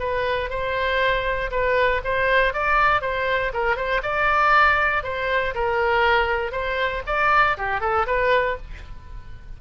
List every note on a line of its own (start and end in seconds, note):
0.00 0.50 B4
0.50 1.51 C5
1.52 2.02 B4
2.04 2.54 C5
2.54 3.02 D5
3.02 3.52 C5
3.54 3.77 A#4
3.77 4.02 C5
4.03 5.04 D5
5.04 5.55 C5
5.55 6.52 A#4
6.52 7.03 C5
7.07 7.58 D5
7.58 7.81 G4
7.81 8.06 A4
8.07 8.57 B4